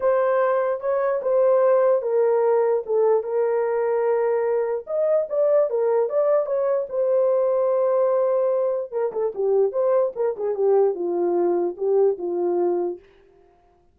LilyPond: \new Staff \with { instrumentName = "horn" } { \time 4/4 \tempo 4 = 148 c''2 cis''4 c''4~ | c''4 ais'2 a'4 | ais'1 | dis''4 d''4 ais'4 d''4 |
cis''4 c''2.~ | c''2 ais'8 a'8 g'4 | c''4 ais'8 gis'8 g'4 f'4~ | f'4 g'4 f'2 | }